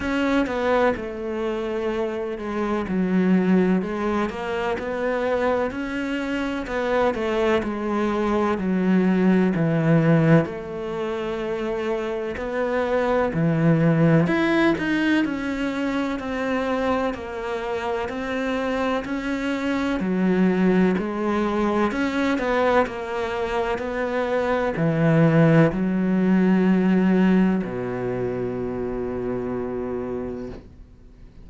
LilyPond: \new Staff \with { instrumentName = "cello" } { \time 4/4 \tempo 4 = 63 cis'8 b8 a4. gis8 fis4 | gis8 ais8 b4 cis'4 b8 a8 | gis4 fis4 e4 a4~ | a4 b4 e4 e'8 dis'8 |
cis'4 c'4 ais4 c'4 | cis'4 fis4 gis4 cis'8 b8 | ais4 b4 e4 fis4~ | fis4 b,2. | }